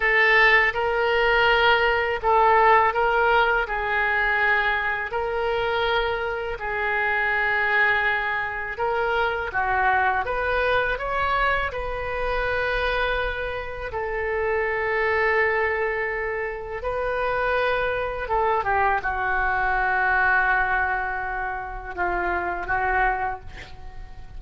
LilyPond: \new Staff \with { instrumentName = "oboe" } { \time 4/4 \tempo 4 = 82 a'4 ais'2 a'4 | ais'4 gis'2 ais'4~ | ais'4 gis'2. | ais'4 fis'4 b'4 cis''4 |
b'2. a'4~ | a'2. b'4~ | b'4 a'8 g'8 fis'2~ | fis'2 f'4 fis'4 | }